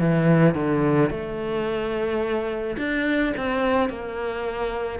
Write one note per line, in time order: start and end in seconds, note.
0.00 0.54 E3
0.54 1.10 D3
1.10 2.77 A3
2.78 3.33 D4
3.37 3.89 C4
3.89 4.99 A#3